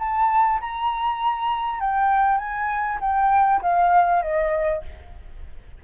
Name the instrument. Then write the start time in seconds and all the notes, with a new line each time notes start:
flute
0.00 A5
0.61 A#5
1.81 G5
2.38 G#5
3.01 G5
3.62 F5
4.23 D#5